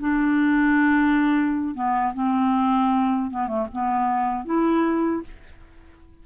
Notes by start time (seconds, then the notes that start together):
0.00 D4
1.75 B3
2.14 C4
3.31 B3
3.48 A3
3.72 B3
4.45 E4